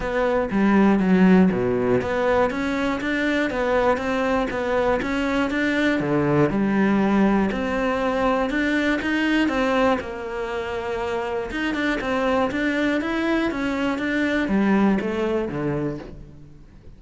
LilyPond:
\new Staff \with { instrumentName = "cello" } { \time 4/4 \tempo 4 = 120 b4 g4 fis4 b,4 | b4 cis'4 d'4 b4 | c'4 b4 cis'4 d'4 | d4 g2 c'4~ |
c'4 d'4 dis'4 c'4 | ais2. dis'8 d'8 | c'4 d'4 e'4 cis'4 | d'4 g4 a4 d4 | }